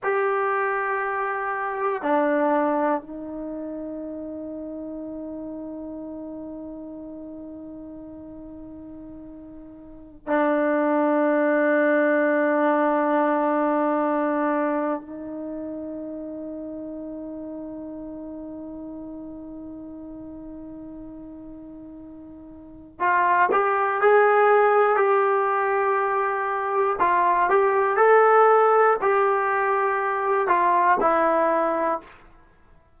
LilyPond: \new Staff \with { instrumentName = "trombone" } { \time 4/4 \tempo 4 = 60 g'2 d'4 dis'4~ | dis'1~ | dis'2~ dis'16 d'4.~ d'16~ | d'2. dis'4~ |
dis'1~ | dis'2. f'8 g'8 | gis'4 g'2 f'8 g'8 | a'4 g'4. f'8 e'4 | }